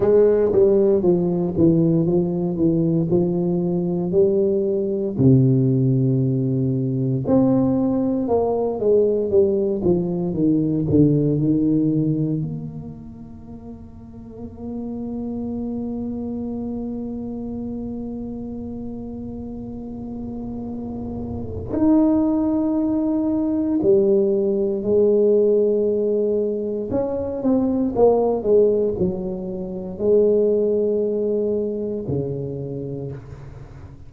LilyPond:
\new Staff \with { instrumentName = "tuba" } { \time 4/4 \tempo 4 = 58 gis8 g8 f8 e8 f8 e8 f4 | g4 c2 c'4 | ais8 gis8 g8 f8 dis8 d8 dis4 | ais1~ |
ais1~ | ais4 dis'2 g4 | gis2 cis'8 c'8 ais8 gis8 | fis4 gis2 cis4 | }